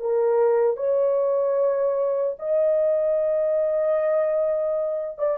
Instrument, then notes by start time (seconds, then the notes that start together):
horn
0.00 A#4
0.77 C#5
2.39 D#5
5.19 D5